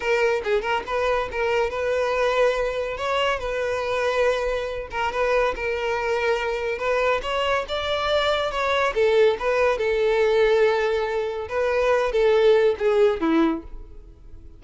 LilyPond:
\new Staff \with { instrumentName = "violin" } { \time 4/4 \tempo 4 = 141 ais'4 gis'8 ais'8 b'4 ais'4 | b'2. cis''4 | b'2.~ b'8 ais'8 | b'4 ais'2. |
b'4 cis''4 d''2 | cis''4 a'4 b'4 a'4~ | a'2. b'4~ | b'8 a'4. gis'4 e'4 | }